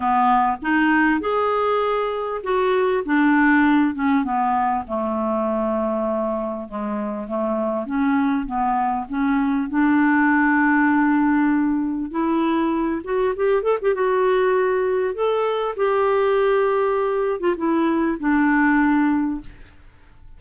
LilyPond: \new Staff \with { instrumentName = "clarinet" } { \time 4/4 \tempo 4 = 99 b4 dis'4 gis'2 | fis'4 d'4. cis'8 b4 | a2. gis4 | a4 cis'4 b4 cis'4 |
d'1 | e'4. fis'8 g'8 a'16 g'16 fis'4~ | fis'4 a'4 g'2~ | g'8. f'16 e'4 d'2 | }